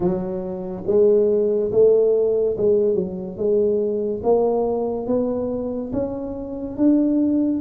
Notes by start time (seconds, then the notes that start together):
0.00 F#3
0.86 G#3
1.71 A3
2.57 G#3
2.94 F#3
3.36 G#3
4.23 A#3
5.07 B3
5.92 C#4
6.76 D4